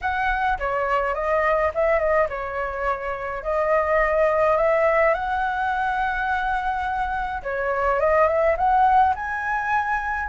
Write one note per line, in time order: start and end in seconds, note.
0.01 0.58 F#5
0.58 1.14 C#5
1.14 1.71 D#5
1.74 1.99 E5
1.99 2.27 D#5
2.29 3.43 C#5
3.43 4.56 D#5
4.56 5.14 E5
5.14 7.42 F#5
7.43 7.99 C#5
7.99 8.27 D#5
8.27 8.56 E5
8.57 9.14 F#5
9.15 10.29 G#5